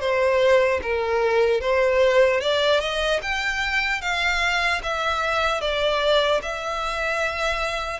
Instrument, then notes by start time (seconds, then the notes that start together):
violin
0.00 C5
0.82 A#4
1.61 C5
2.40 D5
2.80 D#5
3.22 G5
4.01 F5
4.83 E5
5.61 D5
6.42 E5